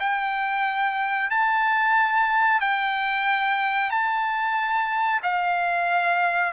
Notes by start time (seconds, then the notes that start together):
0.00 G5
1.30 A5
2.61 G5
3.90 A5
5.23 F5